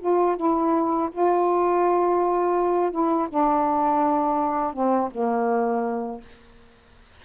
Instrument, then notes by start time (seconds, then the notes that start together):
saxophone
0.00 F4
0.37 E4
1.12 F4
2.91 E4
3.29 D4
4.74 C4
5.11 A#3